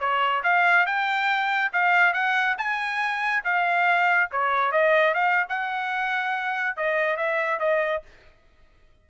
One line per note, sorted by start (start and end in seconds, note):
0.00 0.43 C#5
0.44 0.86 F5
0.86 1.72 G5
1.73 2.14 F5
2.14 2.56 F#5
2.58 3.44 G#5
3.45 4.30 F5
4.31 4.72 C#5
4.72 5.14 D#5
5.14 5.47 F5
5.49 6.77 F#5
6.77 7.17 D#5
7.17 7.60 E5
7.60 8.03 D#5